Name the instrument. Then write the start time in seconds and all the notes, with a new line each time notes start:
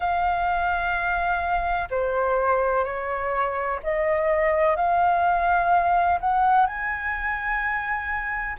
flute
0.00 F5
1.90 C5
2.84 C#5
3.83 D#5
4.76 F5
6.20 F#5
6.66 G#5